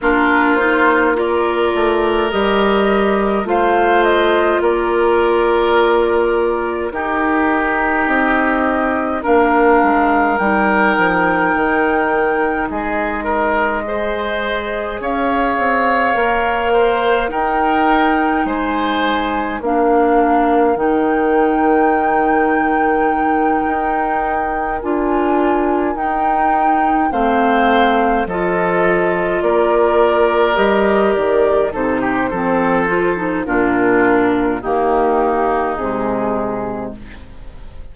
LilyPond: <<
  \new Staff \with { instrumentName = "flute" } { \time 4/4 \tempo 4 = 52 ais'8 c''8 d''4 dis''4 f''8 dis''8 | d''2 ais'4 dis''4 | f''4 g''2 dis''4~ | dis''4 f''2 g''4 |
gis''4 f''4 g''2~ | g''4. gis''4 g''4 f''8~ | f''8 dis''4 d''4 dis''8 d''8 c''8~ | c''4 ais'4 g'4 gis'4 | }
  \new Staff \with { instrumentName = "oboe" } { \time 4/4 f'4 ais'2 c''4 | ais'2 g'2 | ais'2. gis'8 ais'8 | c''4 cis''4. c''8 ais'4 |
c''4 ais'2.~ | ais'2.~ ais'8 c''8~ | c''8 a'4 ais'2 a'16 g'16 | a'4 f'4 dis'2 | }
  \new Staff \with { instrumentName = "clarinet" } { \time 4/4 d'8 dis'8 f'4 g'4 f'4~ | f'2 dis'2 | d'4 dis'2. | gis'2 ais'4 dis'4~ |
dis'4 d'4 dis'2~ | dis'4. f'4 dis'4 c'8~ | c'8 f'2 g'4 dis'8 | c'8 f'16 dis'16 d'4 ais4 gis4 | }
  \new Staff \with { instrumentName = "bassoon" } { \time 4/4 ais4. a8 g4 a4 | ais2 dis'4 c'4 | ais8 gis8 g8 f8 dis4 gis4~ | gis4 cis'8 c'8 ais4 dis'4 |
gis4 ais4 dis2~ | dis8 dis'4 d'4 dis'4 a8~ | a8 f4 ais4 g8 dis8 c8 | f4 ais,4 dis4 c4 | }
>>